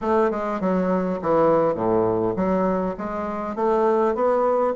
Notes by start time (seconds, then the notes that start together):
0.01 A3
0.31 G#3
0.60 F#3
1.22 E3
1.74 A2
2.36 F#3
2.97 G#3
3.55 A3
4.14 B3